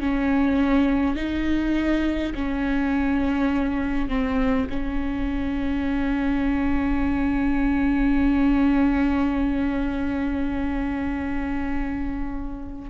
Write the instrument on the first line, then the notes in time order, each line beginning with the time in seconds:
viola
0.00 C#4
1.16 D#4
2.35 C#4
4.09 C4
4.70 C#4